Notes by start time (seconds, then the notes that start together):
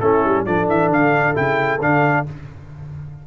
0.00 A3 C#4 E4 A4
0.25 G3
0.45 F3 D4 A4 D5
0.68 E3 E5
0.90 D3 F5
1.34 C#3 E4 G5
1.81 D3 D4 F5